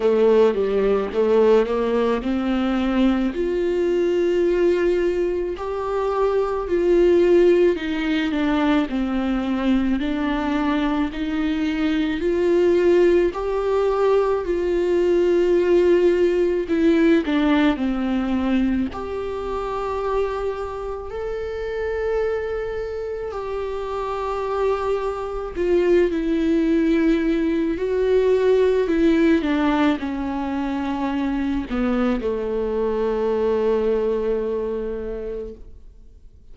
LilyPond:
\new Staff \with { instrumentName = "viola" } { \time 4/4 \tempo 4 = 54 a8 g8 a8 ais8 c'4 f'4~ | f'4 g'4 f'4 dis'8 d'8 | c'4 d'4 dis'4 f'4 | g'4 f'2 e'8 d'8 |
c'4 g'2 a'4~ | a'4 g'2 f'8 e'8~ | e'4 fis'4 e'8 d'8 cis'4~ | cis'8 b8 a2. | }